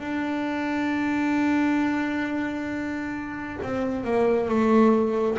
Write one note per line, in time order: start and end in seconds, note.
0.00 3.58 D4
3.63 4.04 C4
4.04 4.49 A#3
4.49 5.38 A3